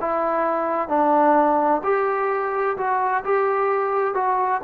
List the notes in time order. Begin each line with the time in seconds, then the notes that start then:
0.00 E4
0.88 D4
1.83 G4
2.77 F#4
3.24 G4
4.14 F#4